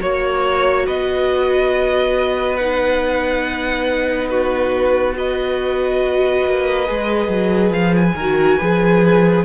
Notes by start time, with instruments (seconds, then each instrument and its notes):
0.00 cello A#3, viola F#4, violin C#5
0.86 cello B3, violin B4 D#5
2.56 viola D#4, violin F#5
4.28 violin F#4 B4
5.14 viola F#4, violin B4 D#5
6.46 cello A#3
6.86 cello G#3, viola G#4
7.28 cello F#3
7.70 cello F3, violin F5
7.96 violin G#5
8.15 cello D#3, viola F#4, violin A#4
8.58 cello F3, viola G#4, violin B4